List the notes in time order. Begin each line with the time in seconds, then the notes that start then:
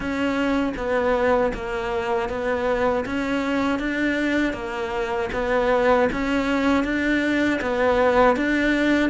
0.00 C#4
0.76 B3
1.54 A#3
2.29 B3
3.05 C#4
3.79 D4
4.53 A#3
5.32 B3
6.12 C#4
6.84 D4
7.61 B3
8.36 D4